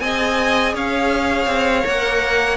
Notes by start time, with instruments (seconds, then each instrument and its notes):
0.00 cello C4, viola G#4, violin D#5 G#5
0.74 cello C#4, violin C#5 F5
1.47 cello C4
1.84 cello A#3, viola A#4, violin F#5